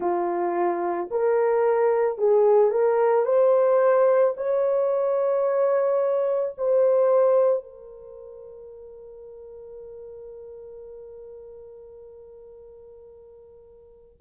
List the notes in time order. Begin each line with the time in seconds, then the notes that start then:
0.00 F4
1.11 A#4
2.18 G#4
2.70 A#4
3.25 C5
4.36 C#5
6.57 C5
7.63 A#4